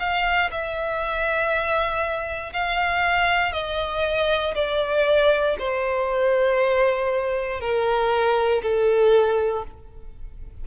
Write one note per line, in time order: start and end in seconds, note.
0.00 0.51 F5
0.52 2.53 E5
2.53 3.53 F5
3.53 4.55 D#5
4.55 5.57 D5
5.59 7.61 C5
7.61 8.63 A#4
8.63 9.65 A4